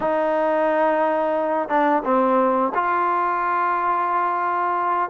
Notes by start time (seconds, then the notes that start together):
0.00 D#4
1.68 D4
2.04 C4
2.74 F4